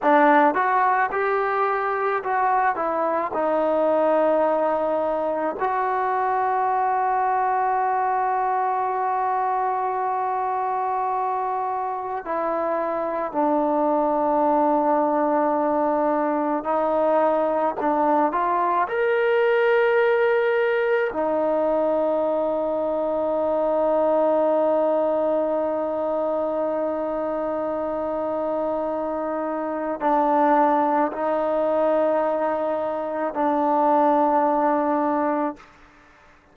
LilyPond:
\new Staff \with { instrumentName = "trombone" } { \time 4/4 \tempo 4 = 54 d'8 fis'8 g'4 fis'8 e'8 dis'4~ | dis'4 fis'2.~ | fis'2. e'4 | d'2. dis'4 |
d'8 f'8 ais'2 dis'4~ | dis'1~ | dis'2. d'4 | dis'2 d'2 | }